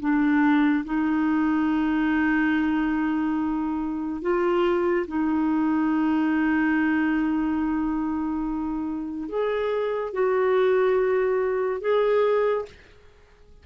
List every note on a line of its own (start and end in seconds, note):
0.00 0.85 D4
0.85 4.22 D#4
4.22 5.06 F4
5.07 9.29 D#4
9.29 10.13 G#4
10.13 11.81 F#4
11.81 12.66 G#4